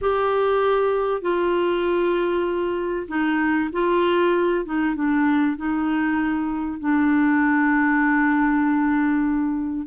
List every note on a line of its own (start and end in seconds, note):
0.01 1.21 G4
1.21 3.07 F4
3.08 3.69 D#4
3.72 4.65 F4
4.65 4.95 D#4
4.95 5.57 D4
5.57 6.79 D#4
6.79 9.87 D4